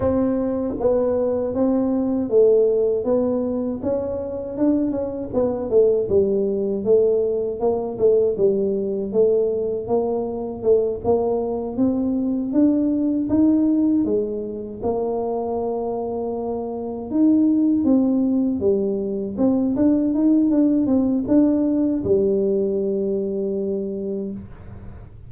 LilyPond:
\new Staff \with { instrumentName = "tuba" } { \time 4/4 \tempo 4 = 79 c'4 b4 c'4 a4 | b4 cis'4 d'8 cis'8 b8 a8 | g4 a4 ais8 a8 g4 | a4 ais4 a8 ais4 c'8~ |
c'8 d'4 dis'4 gis4 ais8~ | ais2~ ais8 dis'4 c'8~ | c'8 g4 c'8 d'8 dis'8 d'8 c'8 | d'4 g2. | }